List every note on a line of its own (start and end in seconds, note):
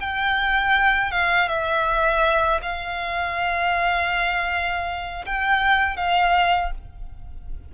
0.00 1.11 G5
1.11 1.48 F5
1.48 2.60 E5
2.62 5.25 F5
5.26 5.97 G5
5.97 6.72 F5